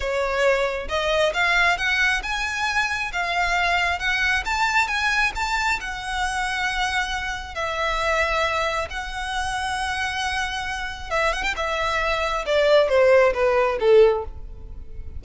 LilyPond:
\new Staff \with { instrumentName = "violin" } { \time 4/4 \tempo 4 = 135 cis''2 dis''4 f''4 | fis''4 gis''2 f''4~ | f''4 fis''4 a''4 gis''4 | a''4 fis''2.~ |
fis''4 e''2. | fis''1~ | fis''4 e''8 fis''16 g''16 e''2 | d''4 c''4 b'4 a'4 | }